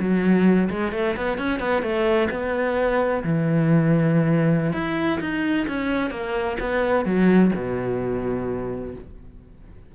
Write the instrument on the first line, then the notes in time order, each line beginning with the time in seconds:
cello
0.00 F#3
0.70 G#3
0.93 A3
1.17 B3
1.38 C#4
1.60 B3
1.83 A3
2.31 B3
3.24 E3
4.73 E4
5.21 D#4
5.68 C#4
6.11 A#3
6.60 B3
7.06 F#3
7.56 B2